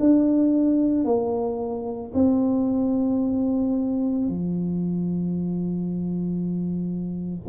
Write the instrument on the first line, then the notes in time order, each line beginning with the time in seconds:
tuba
0.00 D4
1.05 A#3
2.14 C4
4.28 F3